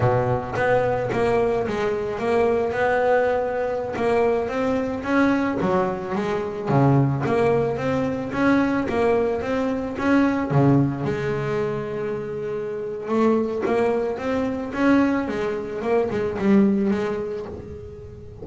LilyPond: \new Staff \with { instrumentName = "double bass" } { \time 4/4 \tempo 4 = 110 b,4 b4 ais4 gis4 | ais4 b2~ b16 ais8.~ | ais16 c'4 cis'4 fis4 gis8.~ | gis16 cis4 ais4 c'4 cis'8.~ |
cis'16 ais4 c'4 cis'4 cis8.~ | cis16 gis2.~ gis8. | a4 ais4 c'4 cis'4 | gis4 ais8 gis8 g4 gis4 | }